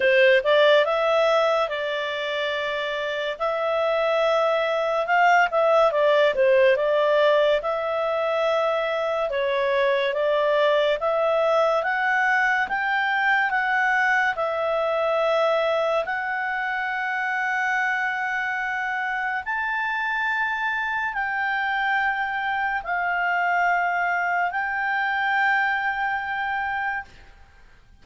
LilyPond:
\new Staff \with { instrumentName = "clarinet" } { \time 4/4 \tempo 4 = 71 c''8 d''8 e''4 d''2 | e''2 f''8 e''8 d''8 c''8 | d''4 e''2 cis''4 | d''4 e''4 fis''4 g''4 |
fis''4 e''2 fis''4~ | fis''2. a''4~ | a''4 g''2 f''4~ | f''4 g''2. | }